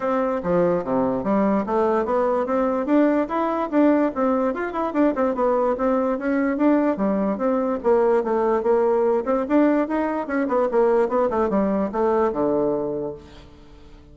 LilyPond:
\new Staff \with { instrumentName = "bassoon" } { \time 4/4 \tempo 4 = 146 c'4 f4 c4 g4 | a4 b4 c'4 d'4 | e'4 d'4 c'4 f'8 e'8 | d'8 c'8 b4 c'4 cis'4 |
d'4 g4 c'4 ais4 | a4 ais4. c'8 d'4 | dis'4 cis'8 b8 ais4 b8 a8 | g4 a4 d2 | }